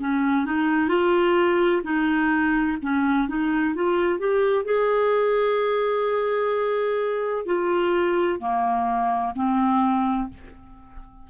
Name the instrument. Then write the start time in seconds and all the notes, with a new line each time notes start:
clarinet
0.00 C#4
0.46 D#4
0.89 F4
1.84 D#4
2.83 C#4
3.29 D#4
3.75 F4
4.19 G4
4.65 G#4
7.46 F4
8.40 A#3
9.35 C4